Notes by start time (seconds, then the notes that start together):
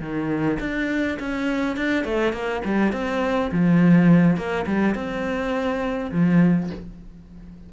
0.00 D#3
0.60 D4
1.19 C#4
1.76 D4
2.04 A3
2.32 A#3
2.65 G3
2.93 C4
3.52 F3
4.37 A#3
4.66 G3
4.95 C4
6.12 F3